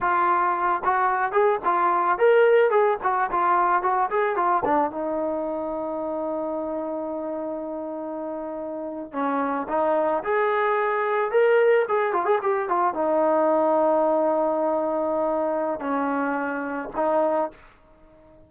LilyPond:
\new Staff \with { instrumentName = "trombone" } { \time 4/4 \tempo 4 = 110 f'4. fis'4 gis'8 f'4 | ais'4 gis'8 fis'8 f'4 fis'8 gis'8 | f'8 d'8 dis'2.~ | dis'1~ |
dis'8. cis'4 dis'4 gis'4~ gis'16~ | gis'8. ais'4 gis'8 f'16 gis'16 g'8 f'8 dis'16~ | dis'1~ | dis'4 cis'2 dis'4 | }